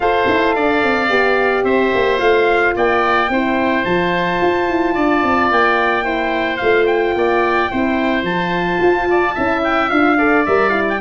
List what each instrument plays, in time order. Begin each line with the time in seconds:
0.00 tuba F4, horn A4, oboe C5, trumpet F5
0.28 tuba E4
0.55 tuba D4, oboe D5
0.83 tuba C4
1.09 tuba B3, horn G4
1.64 tuba C4, oboe C5, trumpet E5
1.94 tuba A#3
2.18 tuba A3, horn F4, trumpet F5
2.75 tuba A#3, oboe D5, trumpet G5
3.29 tuba C4, horn E4, oboe C5
3.85 tuba F3, horn F4, trumpet A5
4.41 tuba F4
4.68 tuba E4
4.94 tuba D4, oboe D5
5.23 tuba C4
5.50 tuba A#3, trumpet G5
6.03 horn E4, oboe C5
6.57 tuba A3, horn F4, trumpet F5
6.86 trumpet G5
7.15 tuba A#3, oboe D5
7.70 tuba C4, horn E4, oboe C5
8.22 tuba F3, trumpet A5
8.28 horn F4
8.80 tuba F4
9.10 oboe D5
9.34 tuba C#4, horn E4, oboe E5
9.63 trumpet G5
9.89 tuba D4, horn F4, trumpet F5
10.18 horn A4, oboe D5
10.45 tuba G3, horn A#4, trumpet E5
10.69 horn E4, trumpet F5
10.89 trumpet G5